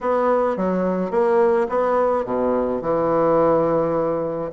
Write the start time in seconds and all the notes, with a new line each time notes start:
0.00 B3
0.56 F#3
1.10 A#3
1.69 B3
2.25 B2
2.81 E3